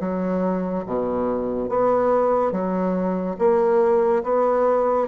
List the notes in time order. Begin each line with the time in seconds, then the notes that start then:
0.00 F#3
0.86 B2
1.69 B3
2.52 F#3
3.39 A#3
4.24 B3